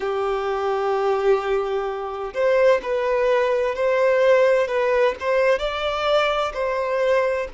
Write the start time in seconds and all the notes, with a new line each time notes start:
0.00 G4
2.34 C5
2.82 B4
3.75 C5
4.67 B4
5.19 C5
5.58 D5
6.53 C5